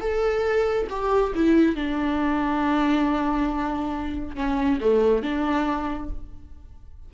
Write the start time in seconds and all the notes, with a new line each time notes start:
0.00 A4
0.89 G4
1.34 E4
1.75 D4
4.35 C#4
4.80 A3
5.22 D4